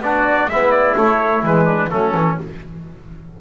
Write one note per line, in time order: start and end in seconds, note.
0.00 0.47 B3
0.00 0.51 D4
0.00 0.50 D5
0.06 0.50 F#4
0.48 0.95 G#3
0.48 0.96 B3
0.48 1.65 E4
0.48 0.72 E5
0.72 0.95 D5
0.96 1.43 A3
0.96 1.45 C#5
1.43 1.90 E3
1.43 1.90 G#3
1.43 1.91 B4
1.65 1.88 D4
1.90 2.14 F#3
1.90 2.14 A3
1.90 2.41 C#4
1.90 2.38 A4
2.14 2.38 E3
2.14 2.39 C#4